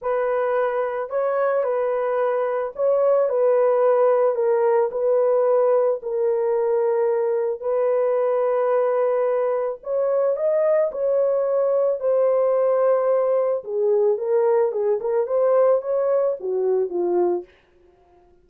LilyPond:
\new Staff \with { instrumentName = "horn" } { \time 4/4 \tempo 4 = 110 b'2 cis''4 b'4~ | b'4 cis''4 b'2 | ais'4 b'2 ais'4~ | ais'2 b'2~ |
b'2 cis''4 dis''4 | cis''2 c''2~ | c''4 gis'4 ais'4 gis'8 ais'8 | c''4 cis''4 fis'4 f'4 | }